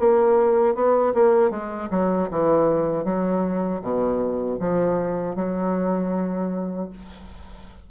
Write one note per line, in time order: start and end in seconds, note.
0.00 0.75 A#3
0.75 1.14 B3
1.14 1.51 A#3
1.51 1.89 G#3
1.91 2.29 F#3
2.31 3.05 E3
3.05 3.81 F#3
3.82 4.59 B2
4.60 5.36 F3
5.36 6.90 F#3